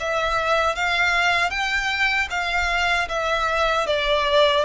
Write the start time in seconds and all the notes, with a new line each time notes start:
0.00 E5
0.76 F5
1.51 G5
2.31 F5
3.09 E5
3.87 D5